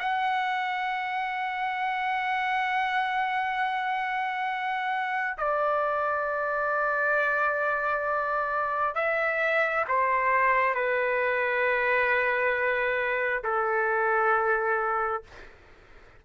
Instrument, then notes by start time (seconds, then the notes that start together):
trumpet
0.00 F#5
5.39 D5
8.96 E5
9.89 C5
10.75 B4
13.45 A4